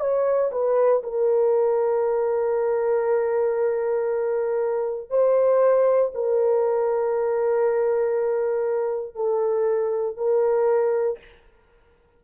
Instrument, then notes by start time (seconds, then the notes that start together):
horn
0.00 C#5
0.51 B4
1.03 A#4
5.10 C5
6.14 A#4
9.15 A4
10.16 A#4